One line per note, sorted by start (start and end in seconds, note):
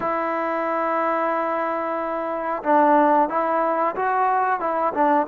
0.00 2.62 E4
2.63 3.29 D4
3.29 3.95 E4
3.95 4.60 F#4
4.60 4.93 E4
4.93 5.26 D4